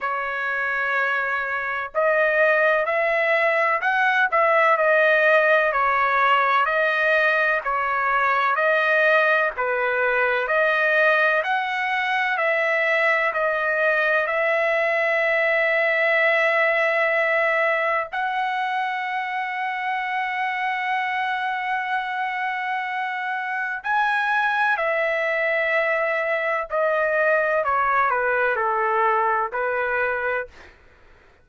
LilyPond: \new Staff \with { instrumentName = "trumpet" } { \time 4/4 \tempo 4 = 63 cis''2 dis''4 e''4 | fis''8 e''8 dis''4 cis''4 dis''4 | cis''4 dis''4 b'4 dis''4 | fis''4 e''4 dis''4 e''4~ |
e''2. fis''4~ | fis''1~ | fis''4 gis''4 e''2 | dis''4 cis''8 b'8 a'4 b'4 | }